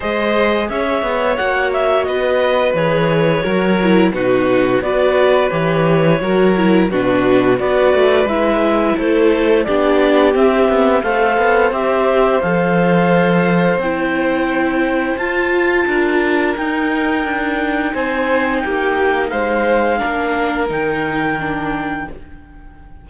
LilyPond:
<<
  \new Staff \with { instrumentName = "clarinet" } { \time 4/4 \tempo 4 = 87 dis''4 e''4 fis''8 e''8 dis''4 | cis''2 b'4 d''4 | cis''2 b'4 d''4 | e''4 c''4 d''4 e''4 |
f''4 e''4 f''2 | g''2 a''2 | g''2 gis''4 g''4 | f''2 g''2 | }
  \new Staff \with { instrumentName = "violin" } { \time 4/4 c''4 cis''2 b'4~ | b'4 ais'4 fis'4 b'4~ | b'4 ais'4 fis'4 b'4~ | b'4 a'4 g'2 |
c''1~ | c''2. ais'4~ | ais'2 c''4 g'4 | c''4 ais'2. | }
  \new Staff \with { instrumentName = "viola" } { \time 4/4 gis'2 fis'2 | gis'4 fis'8 e'8 dis'4 fis'4 | g'4 fis'8 e'8 d'4 fis'4 | e'2 d'4 c'4 |
a'4 g'4 a'2 | e'2 f'2 | dis'1~ | dis'4 d'4 dis'4 d'4 | }
  \new Staff \with { instrumentName = "cello" } { \time 4/4 gis4 cis'8 b8 ais4 b4 | e4 fis4 b,4 b4 | e4 fis4 b,4 b8 a8 | gis4 a4 b4 c'8 b8 |
a8 b8 c'4 f2 | c'2 f'4 d'4 | dis'4 d'4 c'4 ais4 | gis4 ais4 dis2 | }
>>